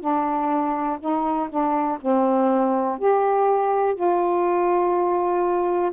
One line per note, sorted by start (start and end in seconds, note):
0.00 0.98 D4
1.00 1.49 D#4
1.49 1.99 D4
2.01 2.99 C4
2.99 3.95 G4
3.95 5.92 F4